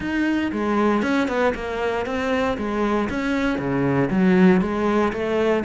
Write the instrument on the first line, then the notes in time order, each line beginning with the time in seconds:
cello
0.00 D#4
0.52 G#3
1.02 C#4
1.28 B3
1.55 A#3
2.06 C4
2.57 G#3
3.09 C#4
3.58 C#3
4.10 F#3
4.61 G#3
5.13 A3